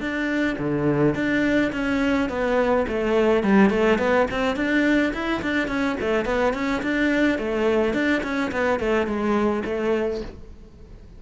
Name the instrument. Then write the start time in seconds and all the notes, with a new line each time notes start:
cello
0.00 D4
0.58 D3
1.14 D4
1.72 C#4
2.29 B3
2.88 A3
3.43 G3
3.70 A3
3.98 B3
4.30 C4
4.56 D4
5.13 E4
5.42 D4
5.68 C#4
6.00 A3
6.25 B3
6.54 C#4
6.82 D4
7.38 A3
7.93 D4
8.23 C#4
8.51 B3
8.79 A3
9.06 G#3
9.64 A3